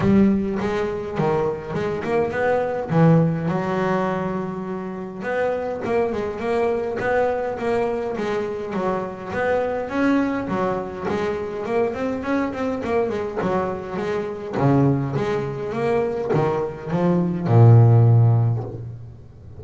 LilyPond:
\new Staff \with { instrumentName = "double bass" } { \time 4/4 \tempo 4 = 103 g4 gis4 dis4 gis8 ais8 | b4 e4 fis2~ | fis4 b4 ais8 gis8 ais4 | b4 ais4 gis4 fis4 |
b4 cis'4 fis4 gis4 | ais8 c'8 cis'8 c'8 ais8 gis8 fis4 | gis4 cis4 gis4 ais4 | dis4 f4 ais,2 | }